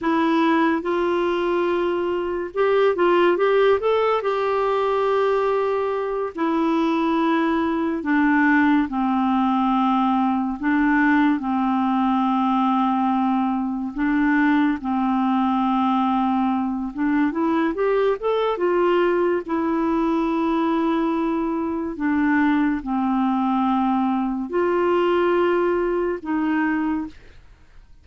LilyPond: \new Staff \with { instrumentName = "clarinet" } { \time 4/4 \tempo 4 = 71 e'4 f'2 g'8 f'8 | g'8 a'8 g'2~ g'8 e'8~ | e'4. d'4 c'4.~ | c'8 d'4 c'2~ c'8~ |
c'8 d'4 c'2~ c'8 | d'8 e'8 g'8 a'8 f'4 e'4~ | e'2 d'4 c'4~ | c'4 f'2 dis'4 | }